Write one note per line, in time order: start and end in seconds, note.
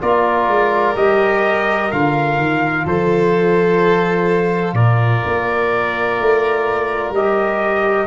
0.00 0.47 A#3
0.00 0.95 F4
0.00 2.84 A#4
0.00 0.96 D5
0.47 0.95 G#3
0.96 1.91 G3
0.96 1.91 G4
0.96 1.91 D#5
1.91 2.37 D3
1.91 7.15 F4
1.91 2.86 F5
2.37 2.85 D#3
2.84 4.73 F3
2.84 4.74 A4
2.84 4.75 C5
4.73 5.21 A#2
4.73 8.07 A#4
4.73 7.13 D5
5.26 6.20 A#3
6.20 7.11 A3
7.11 8.06 G3
7.11 8.07 D#5
7.17 8.07 G4